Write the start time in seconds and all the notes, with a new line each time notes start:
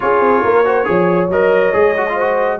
0.00 C#4 F4 G#4 C#5
0.20 C4
0.43 A#3 A#4
0.64 F#4 C5
0.85 F3 G#4 C#5
1.29 F#3 A#4 D#5
1.72 G#3 G#4
1.96 F#4
2.09 F4 C5
2.20 F#4